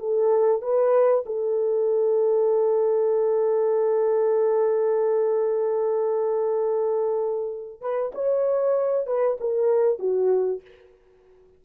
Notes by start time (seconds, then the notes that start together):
0.00 A4
0.62 B4
1.26 A4
7.81 B4
8.15 C#5
9.07 B4
9.41 A#4
9.99 F#4